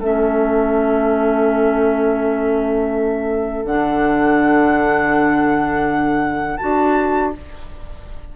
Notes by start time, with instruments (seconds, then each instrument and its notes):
0.00 bassoon A3, clarinet C#4, oboe A4, flute E5
3.65 bassoon D3, clarinet D4, flute F#5
6.57 bassoon D4, clarinet F#4, flute A5